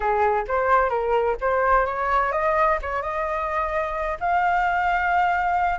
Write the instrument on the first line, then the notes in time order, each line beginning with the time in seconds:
flute
0.00 G#4
0.47 C5
0.89 A#4
1.40 C5
1.86 C#5
2.32 D#5
2.82 C#5
3.01 D#5
4.20 F5